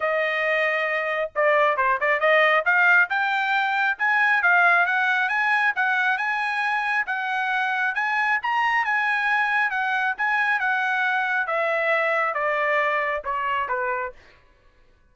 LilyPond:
\new Staff \with { instrumentName = "trumpet" } { \time 4/4 \tempo 4 = 136 dis''2. d''4 | c''8 d''8 dis''4 f''4 g''4~ | g''4 gis''4 f''4 fis''4 | gis''4 fis''4 gis''2 |
fis''2 gis''4 ais''4 | gis''2 fis''4 gis''4 | fis''2 e''2 | d''2 cis''4 b'4 | }